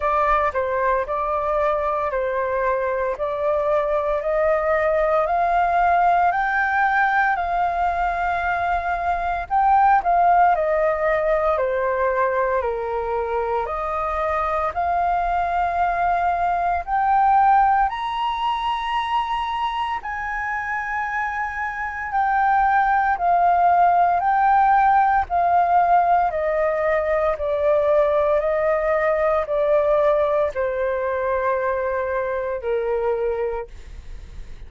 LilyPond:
\new Staff \with { instrumentName = "flute" } { \time 4/4 \tempo 4 = 57 d''8 c''8 d''4 c''4 d''4 | dis''4 f''4 g''4 f''4~ | f''4 g''8 f''8 dis''4 c''4 | ais'4 dis''4 f''2 |
g''4 ais''2 gis''4~ | gis''4 g''4 f''4 g''4 | f''4 dis''4 d''4 dis''4 | d''4 c''2 ais'4 | }